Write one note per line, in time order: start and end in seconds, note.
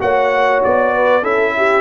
0.00 0.63 A#3
0.00 1.22 F#4
0.00 0.94 C#5
0.00 0.63 F#5
0.64 1.22 B3
0.64 1.24 D5
0.94 1.23 B4
1.22 1.82 C#4
1.22 1.82 E4
1.22 1.53 A4
1.22 1.82 E5
1.57 1.82 G4